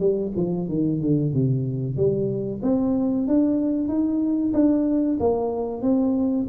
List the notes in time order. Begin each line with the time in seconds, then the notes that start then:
0.00 G3
0.36 F3
0.69 D#3
1.01 D3
1.34 C3
1.97 G3
2.63 C4
3.28 D4
3.88 D#4
4.54 D4
5.20 A#3
5.82 C4